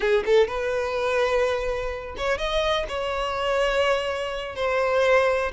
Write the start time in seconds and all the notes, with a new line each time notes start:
0.00 G#4
0.25 A4
0.47 B4
2.17 C#5
2.38 D#5
2.88 C#5
4.55 C5